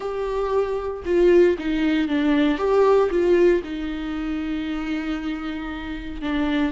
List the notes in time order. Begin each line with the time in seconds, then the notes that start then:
0.00 G4
1.05 F4
1.58 D#4
2.08 D4
2.58 G4
3.10 F4
3.63 D#4
6.21 D4